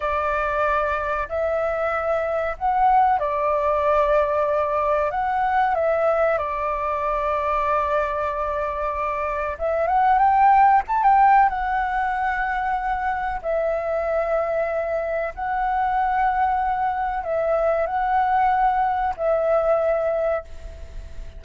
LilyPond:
\new Staff \with { instrumentName = "flute" } { \time 4/4 \tempo 4 = 94 d''2 e''2 | fis''4 d''2. | fis''4 e''4 d''2~ | d''2. e''8 fis''8 |
g''4 a''16 g''8. fis''2~ | fis''4 e''2. | fis''2. e''4 | fis''2 e''2 | }